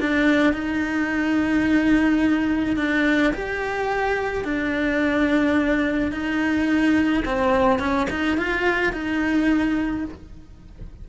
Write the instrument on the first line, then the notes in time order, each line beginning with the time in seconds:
cello
0.00 D4
0.53 D#4
2.76 D4
3.33 G4
4.44 D4
6.11 D#4
7.25 C4
7.79 C#4
8.10 D#4
8.38 F4
8.93 D#4